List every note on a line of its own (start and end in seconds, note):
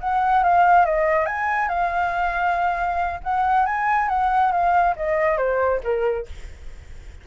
0.00 0.43 F#5
0.43 0.85 F5
0.85 1.26 D#5
1.26 1.69 G#5
1.69 3.20 F5
3.23 3.66 F#5
3.66 4.09 G#5
4.09 4.52 F#5
4.52 4.95 F5
4.96 5.37 D#5
5.37 5.81 C5
5.83 6.26 A#4